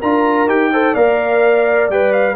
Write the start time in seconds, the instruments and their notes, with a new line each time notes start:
0.00 tuba D4, trombone F4, horn A#4, trumpet A#5
0.47 tuba D#4, trombone G4, trumpet G5
0.72 trombone A4, horn C5
0.93 tuba A#3, trombone A#4, horn D5, trumpet F5
1.90 tuba G3, trombone B4, trumpet G5
2.13 trumpet F5